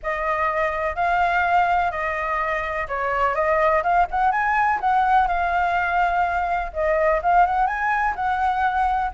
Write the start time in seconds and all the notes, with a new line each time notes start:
0.02 D#5
0.95 F5
1.91 D#5
2.88 C#5
3.34 D#5
3.83 F5
4.10 F#5
4.31 G#5
4.80 F#5
5.27 F5
6.73 D#5
7.22 F5
7.46 F#5
7.66 G#5
8.15 F#5